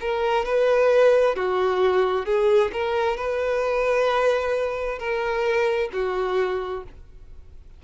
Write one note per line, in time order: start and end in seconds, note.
0.00 0.45 A#4
0.45 1.36 B4
1.36 2.26 F#4
2.26 2.71 G#4
2.72 3.17 A#4
3.17 4.99 B4
4.99 5.90 A#4
5.93 6.84 F#4